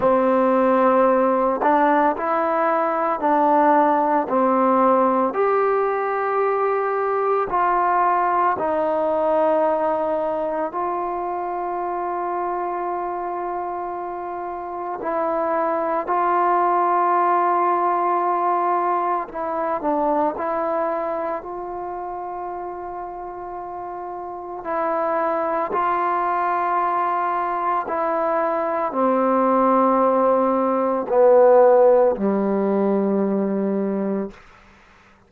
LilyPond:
\new Staff \with { instrumentName = "trombone" } { \time 4/4 \tempo 4 = 56 c'4. d'8 e'4 d'4 | c'4 g'2 f'4 | dis'2 f'2~ | f'2 e'4 f'4~ |
f'2 e'8 d'8 e'4 | f'2. e'4 | f'2 e'4 c'4~ | c'4 b4 g2 | }